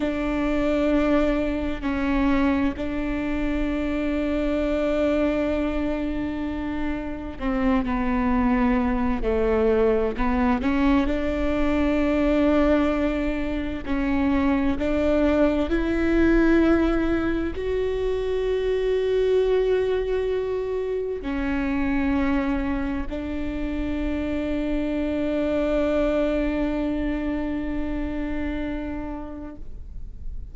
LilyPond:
\new Staff \with { instrumentName = "viola" } { \time 4/4 \tempo 4 = 65 d'2 cis'4 d'4~ | d'1 | c'8 b4. a4 b8 cis'8 | d'2. cis'4 |
d'4 e'2 fis'4~ | fis'2. cis'4~ | cis'4 d'2.~ | d'1 | }